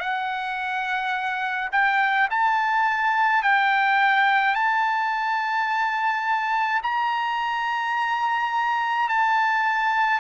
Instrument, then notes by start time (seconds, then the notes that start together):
trumpet
0.00 F#5
1.72 G5
2.31 A5
3.43 G5
4.55 A5
6.83 A#5
9.09 A5